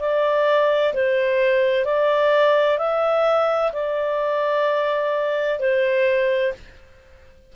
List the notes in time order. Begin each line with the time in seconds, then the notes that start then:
0.00 D5
0.94 C5
1.85 D5
2.79 E5
3.73 D5
5.60 C5